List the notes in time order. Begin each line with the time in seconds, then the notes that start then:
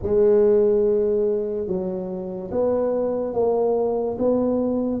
0.02 G#3
1.67 F#3
2.51 B3
3.33 A#3
4.18 B3